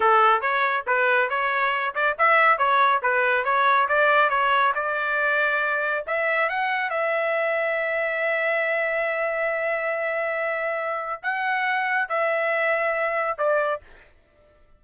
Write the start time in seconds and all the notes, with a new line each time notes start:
0.00 A4
0.41 C#5
0.86 B4
1.29 C#5
1.94 D5
2.18 E5
2.58 C#5
3.02 B4
3.44 C#5
3.88 D5
4.29 C#5
4.74 D5
6.06 E5
6.49 F#5
6.89 E5
11.22 F#5
12.09 E5
13.38 D5